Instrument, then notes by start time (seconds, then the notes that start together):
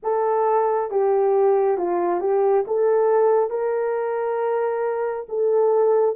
horn
0.02 A4
0.91 G4
1.77 F4
2.20 G4
2.67 A4
3.49 A#4
5.29 A4